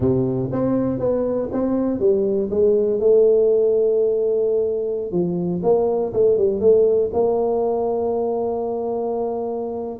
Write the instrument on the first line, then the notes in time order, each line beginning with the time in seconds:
tuba
0.00 C3
0.52 C4
0.99 B3
1.52 C4
1.99 G3
2.50 G#3
2.99 A3
5.11 F3
5.62 A#3
6.13 A3
6.37 G3
6.60 A3
7.13 A#3